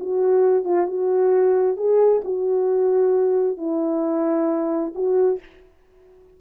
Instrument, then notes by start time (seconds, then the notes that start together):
horn
0.00 F#4
0.65 F4
0.87 F#4
1.77 G#4
2.25 F#4
3.57 E4
4.95 F#4